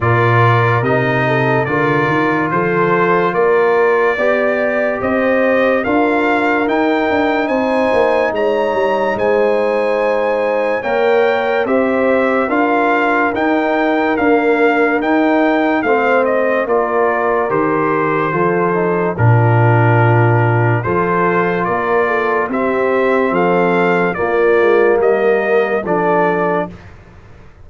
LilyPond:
<<
  \new Staff \with { instrumentName = "trumpet" } { \time 4/4 \tempo 4 = 72 d''4 dis''4 d''4 c''4 | d''2 dis''4 f''4 | g''4 gis''4 ais''4 gis''4~ | gis''4 g''4 e''4 f''4 |
g''4 f''4 g''4 f''8 dis''8 | d''4 c''2 ais'4~ | ais'4 c''4 d''4 e''4 | f''4 d''4 dis''4 d''4 | }
  \new Staff \with { instrumentName = "horn" } { \time 4/4 ais'4. a'8 ais'4 a'4 | ais'4 d''4 c''4 ais'4~ | ais'4 c''4 cis''4 c''4~ | c''4 cis''4 c''4 ais'4~ |
ais'2. c''4 | ais'2 a'4 f'4~ | f'4 a'4 ais'8 a'8 g'4 | a'4 f'4 ais'4 a'4 | }
  \new Staff \with { instrumentName = "trombone" } { \time 4/4 f'4 dis'4 f'2~ | f'4 g'2 f'4 | dis'1~ | dis'4 ais'4 g'4 f'4 |
dis'4 ais4 dis'4 c'4 | f'4 g'4 f'8 dis'8 d'4~ | d'4 f'2 c'4~ | c'4 ais2 d'4 | }
  \new Staff \with { instrumentName = "tuba" } { \time 4/4 ais,4 c4 d8 dis8 f4 | ais4 b4 c'4 d'4 | dis'8 d'8 c'8 ais8 gis8 g8 gis4~ | gis4 ais4 c'4 d'4 |
dis'4 d'4 dis'4 a4 | ais4 dis4 f4 ais,4~ | ais,4 f4 ais4 c'4 | f4 ais8 gis8 g4 f4 | }
>>